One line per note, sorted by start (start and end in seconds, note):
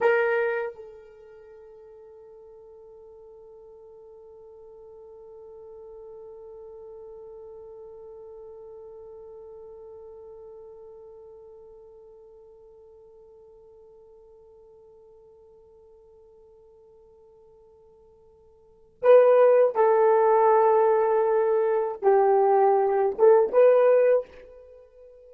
0.00 0.75 A#4
0.75 18.97 A4
19.01 19.74 B4
19.74 22.01 A4
22.01 23.15 G4
23.18 23.52 A4
23.52 24.28 B4